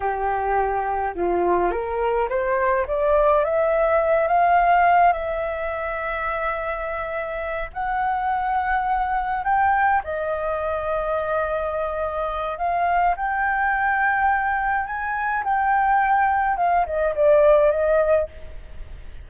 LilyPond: \new Staff \with { instrumentName = "flute" } { \time 4/4 \tempo 4 = 105 g'2 f'4 ais'4 | c''4 d''4 e''4. f''8~ | f''4 e''2.~ | e''4. fis''2~ fis''8~ |
fis''8 g''4 dis''2~ dis''8~ | dis''2 f''4 g''4~ | g''2 gis''4 g''4~ | g''4 f''8 dis''8 d''4 dis''4 | }